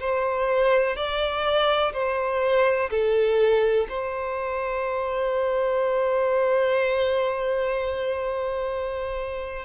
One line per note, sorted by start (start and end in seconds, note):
0.00 0.96 C5
0.96 1.93 D5
1.94 2.90 C5
2.90 3.87 A4
3.89 9.66 C5